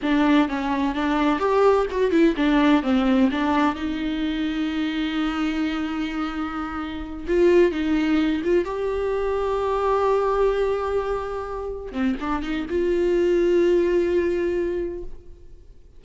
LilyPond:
\new Staff \with { instrumentName = "viola" } { \time 4/4 \tempo 4 = 128 d'4 cis'4 d'4 g'4 | fis'8 e'8 d'4 c'4 d'4 | dis'1~ | dis'2.~ dis'8 f'8~ |
f'8 dis'4. f'8 g'4.~ | g'1~ | g'4. c'8 d'8 dis'8 f'4~ | f'1 | }